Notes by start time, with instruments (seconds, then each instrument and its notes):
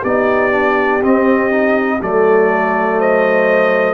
0.00 tuba B3, trombone D#4, horn G4, trumpet D5
0.51 trombone D4
1.01 trombone C4, tuba C4, trumpet D#5
1.50 trombone D#4
2.01 tuba F#3, trombone A3, horn A4, trumpet D5
2.98 horn C5, trumpet D#5